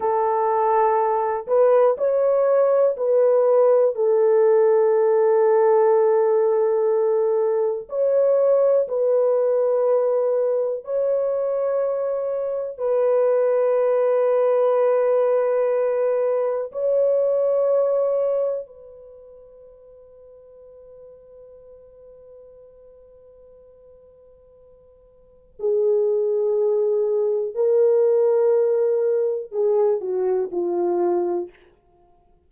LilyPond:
\new Staff \with { instrumentName = "horn" } { \time 4/4 \tempo 4 = 61 a'4. b'8 cis''4 b'4 | a'1 | cis''4 b'2 cis''4~ | cis''4 b'2.~ |
b'4 cis''2 b'4~ | b'1~ | b'2 gis'2 | ais'2 gis'8 fis'8 f'4 | }